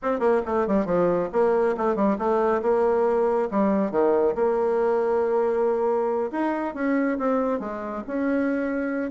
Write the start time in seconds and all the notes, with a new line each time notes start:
0.02 C4
0.19 A#3
0.45 A3
0.67 G3
0.85 F3
1.32 A#3
1.77 A3
1.95 G3
2.18 A3
2.62 A#3
3.50 G3
3.91 D#3
4.35 A#3
6.31 D#4
6.74 C#4
7.18 C4
7.59 G#3
8.07 C#4